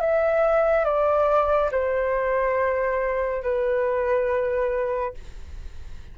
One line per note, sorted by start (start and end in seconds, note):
0.00 0.85 E5
0.85 1.70 D5
1.71 3.42 C5
3.42 5.14 B4